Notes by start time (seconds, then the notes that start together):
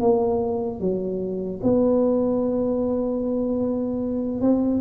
0.00 A#3
0.80 F#3
1.63 B3
4.41 C4